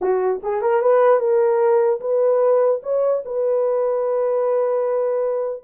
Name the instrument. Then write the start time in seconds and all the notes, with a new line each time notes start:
horn
0.01 F#4
0.42 G#4
0.61 A#4
0.81 B4
1.19 A#4
2.00 B4
2.82 C#5
3.25 B4